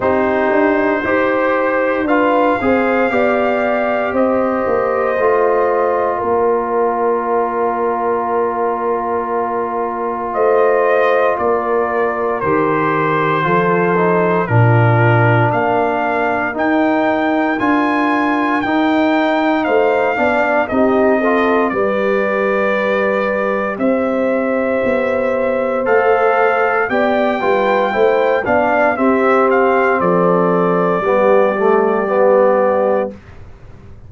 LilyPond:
<<
  \new Staff \with { instrumentName = "trumpet" } { \time 4/4 \tempo 4 = 58 c''2 f''2 | dis''2 d''2~ | d''2 dis''4 d''4 | c''2 ais'4 f''4 |
g''4 gis''4 g''4 f''4 | dis''4 d''2 e''4~ | e''4 f''4 g''4. f''8 | e''8 f''8 d''2. | }
  \new Staff \with { instrumentName = "horn" } { \time 4/4 g'4 c''4 b'8 c''8 d''4 | c''2 ais'2~ | ais'2 c''4 ais'4~ | ais'4 a'4 f'4 ais'4~ |
ais'2. c''8 d''8 | g'8 a'8 b'2 c''4~ | c''2 d''8 b'8 c''8 d''8 | g'4 a'4 g'2 | }
  \new Staff \with { instrumentName = "trombone" } { \time 4/4 dis'4 g'4 f'8 gis'8 g'4~ | g'4 f'2.~ | f'1 | g'4 f'8 dis'8 d'2 |
dis'4 f'4 dis'4. d'8 | dis'8 f'8 g'2.~ | g'4 a'4 g'8 f'8 e'8 d'8 | c'2 b8 a8 b4 | }
  \new Staff \with { instrumentName = "tuba" } { \time 4/4 c'8 d'8 dis'4 d'8 c'8 b4 | c'8 ais8 a4 ais2~ | ais2 a4 ais4 | dis4 f4 ais,4 ais4 |
dis'4 d'4 dis'4 a8 b8 | c'4 g2 c'4 | b4 a4 b8 g8 a8 b8 | c'4 f4 g2 | }
>>